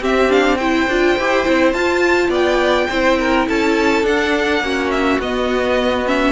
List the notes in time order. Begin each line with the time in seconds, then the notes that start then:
0.00 C4 G4 E5
0.29 D4 F5
0.57 E4 C5 G5
0.87 D4 F4
1.18 E4 G4
1.46 C4 E4
1.72 F4 A5
2.28 B3 D5 G5
2.89 C4 E4 C5
3.19 A#4
3.48 C#4 A4 A5
4.03 D4 F#5
4.60 A#3 C#4 F#4
4.91 E5
5.19 B3 D#5
6.06 C#4 E5